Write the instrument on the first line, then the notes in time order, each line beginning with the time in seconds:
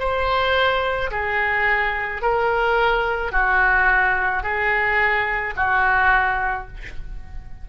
oboe
0.00 C5
1.11 G#4
2.22 A#4
3.32 F#4
4.43 G#4
5.57 F#4